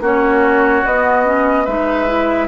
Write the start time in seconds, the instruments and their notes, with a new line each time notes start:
0.00 bassoon A#3, clarinet C#4, oboe F#4, flute C#5
0.85 bassoon B3, clarinet B3, flute D#5
1.25 clarinet C#4
1.65 bassoon G#3, clarinet D#4, oboe B4, flute E5
2.07 clarinet E4